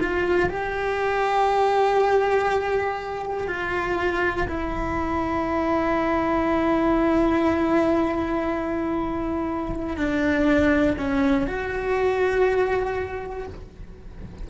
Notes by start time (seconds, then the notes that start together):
0.00 F4
0.49 G4
3.48 F4
4.48 E4
9.96 D4
10.98 C#4
11.47 F#4